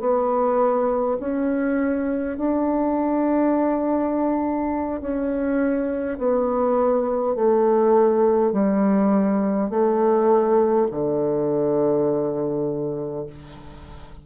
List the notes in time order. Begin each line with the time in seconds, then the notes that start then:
0.00 B3
1.20 C#4
2.37 D4
5.01 C#4
6.18 B3
7.35 A3
8.52 G3
9.70 A3
10.91 D3